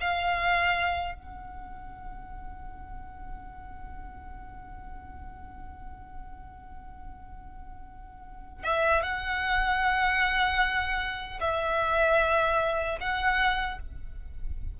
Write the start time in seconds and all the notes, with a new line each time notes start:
0.00 F5
1.14 F#5
8.63 E5
9.03 F#5
11.40 E5
13.00 F#5